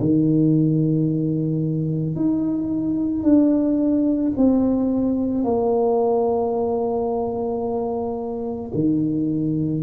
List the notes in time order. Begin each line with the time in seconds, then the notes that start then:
0.00 D#3
2.16 D#4
3.23 D4
4.37 C4
5.44 A#3
8.74 D#3